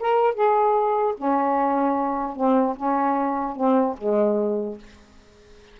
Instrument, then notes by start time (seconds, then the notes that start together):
saxophone
0.00 A#4
0.34 G#4
1.17 C#4
2.36 C4
2.77 C#4
3.56 C4
3.98 G#3